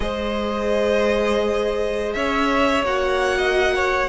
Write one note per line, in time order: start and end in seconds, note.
0.00 2.14 G#3
0.00 2.84 G#4
0.00 2.15 C5
0.00 2.13 D#5
2.13 2.83 C#4
2.13 3.38 C#5
2.13 2.84 E5
2.83 4.08 A#3
2.83 4.09 F#4
2.83 4.09 F#5
3.38 3.74 D#5
3.75 4.09 C#5